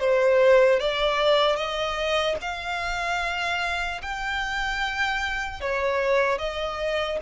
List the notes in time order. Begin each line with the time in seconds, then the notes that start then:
0.00 C5
0.80 D5
1.56 D#5
2.41 F5
4.02 G5
5.61 C#5
6.39 D#5